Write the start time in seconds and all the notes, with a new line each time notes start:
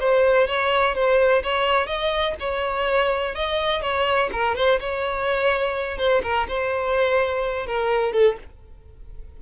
0.00 C5
0.47 C#5
0.95 C5
1.43 C#5
1.87 D#5
2.40 C#5
3.35 D#5
3.82 C#5
4.32 A#4
4.56 C5
4.80 C#5
5.98 C5
6.23 A#4
6.48 C5
7.67 A#4
8.13 A4